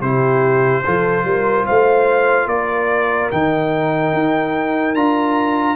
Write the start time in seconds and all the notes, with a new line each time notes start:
0.00 C3 E4 G4 C5
0.84 F3 F4 A4
1.24 G3 A#4
1.65 A3 C5 F5
2.46 A#3 A#4 D5
3.31 D#3 D#4 G5
4.13 D#4
4.94 D4 F4 A#5